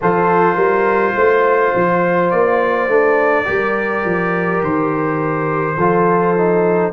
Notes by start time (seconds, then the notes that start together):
0.01 F3 F4 A4 C5
0.55 G3 A#4
1.15 A3 C5
1.75 F3
2.30 A#3 D5
2.88 A3 D4
3.44 G3 G4 A#4
4.05 F3
4.62 D#3 C5
5.76 F3 F4 A4
6.37 D#4